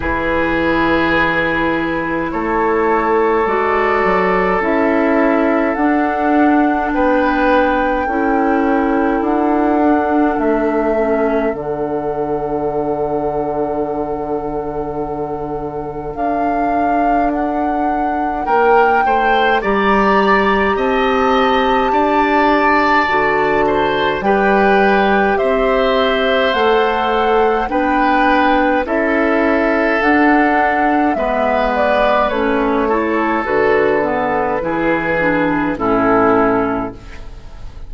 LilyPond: <<
  \new Staff \with { instrumentName = "flute" } { \time 4/4 \tempo 4 = 52 b'2 cis''4 d''4 | e''4 fis''4 g''2 | fis''4 e''4 fis''2~ | fis''2 f''4 fis''4 |
g''4 ais''4 a''2~ | a''4 g''4 e''4 fis''4 | g''4 e''4 fis''4 e''8 d''8 | cis''4 b'2 a'4 | }
  \new Staff \with { instrumentName = "oboe" } { \time 4/4 gis'2 a'2~ | a'2 b'4 a'4~ | a'1~ | a'1 |
ais'8 c''8 d''4 dis''4 d''4~ | d''8 c''8 b'4 c''2 | b'4 a'2 b'4~ | b'8 a'4. gis'4 e'4 | }
  \new Staff \with { instrumentName = "clarinet" } { \time 4/4 e'2. fis'4 | e'4 d'2 e'4~ | e'8 d'4 cis'8 d'2~ | d'1~ |
d'4 g'2. | fis'4 g'2 a'4 | d'4 e'4 d'4 b4 | cis'8 e'8 fis'8 b8 e'8 d'8 cis'4 | }
  \new Staff \with { instrumentName = "bassoon" } { \time 4/4 e2 a4 gis8 fis8 | cis'4 d'4 b4 cis'4 | d'4 a4 d2~ | d2 d'2 |
ais8 a8 g4 c'4 d'4 | d4 g4 c'4 a4 | b4 cis'4 d'4 gis4 | a4 d4 e4 a,4 | }
>>